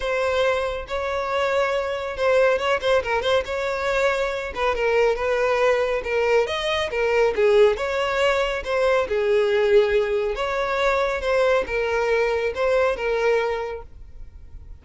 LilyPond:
\new Staff \with { instrumentName = "violin" } { \time 4/4 \tempo 4 = 139 c''2 cis''2~ | cis''4 c''4 cis''8 c''8 ais'8 c''8 | cis''2~ cis''8 b'8 ais'4 | b'2 ais'4 dis''4 |
ais'4 gis'4 cis''2 | c''4 gis'2. | cis''2 c''4 ais'4~ | ais'4 c''4 ais'2 | }